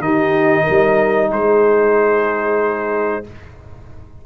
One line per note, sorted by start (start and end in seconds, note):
0.00 0.65 D#3
0.00 3.24 D#4
0.00 0.64 G4
0.00 1.31 D#5
0.64 1.28 A#4
0.70 1.31 G3
1.30 3.24 G#3
1.30 3.24 G#4
1.30 3.26 C5